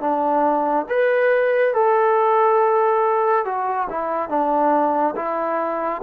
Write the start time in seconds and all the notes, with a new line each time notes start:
0.00 D4
0.89 B4
1.74 A4
3.45 F#4
3.90 E4
4.29 D4
5.15 E4